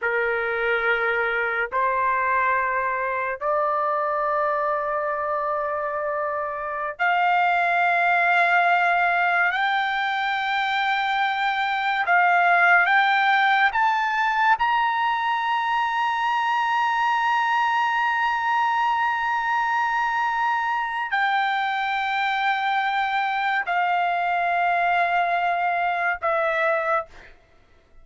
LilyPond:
\new Staff \with { instrumentName = "trumpet" } { \time 4/4 \tempo 4 = 71 ais'2 c''2 | d''1~ | d''16 f''2. g''8.~ | g''2~ g''16 f''4 g''8.~ |
g''16 a''4 ais''2~ ais''8.~ | ais''1~ | ais''4 g''2. | f''2. e''4 | }